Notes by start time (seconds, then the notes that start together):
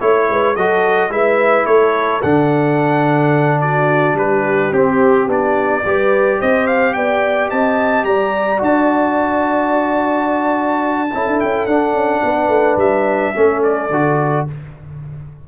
0.00 A3 E4 C#5
0.29 G#3 B4
0.55 F#3 F#4 A4 D#5
1.09 G#3 E4 B4 E5
1.66 A3 A4 C#5
2.22 D3 D4 F#5
3.61 F#4 D5
4.14 G3 G4 B4
4.72 C4 G4
5.27 B3 D4 D5
5.85 G3 G4 B4
6.39 C4 C5 D#5
6.67 F5
6.93 B3 D5 G5
7.50 C4 D#5 A5
8.04 G3 D5 A#5
8.58 D4 F#4 A5
11.14 C#4 E4 A4
11.28 D4
11.40 C#4 G5
11.66 D4 F#5
11.94 C#4
12.23 B3 B4
12.48 A3
12.76 G3 E5
13.34 A3 C#4 A4
13.63 D5
13.90 D3 F#4